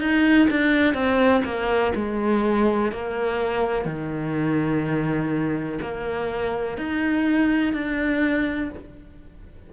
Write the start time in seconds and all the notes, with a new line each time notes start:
0.00 D#4
0.50 D4
0.95 C4
1.45 A#3
1.95 G#3
2.93 A#3
3.85 D#3
5.82 A#3
6.78 D#4
7.74 D4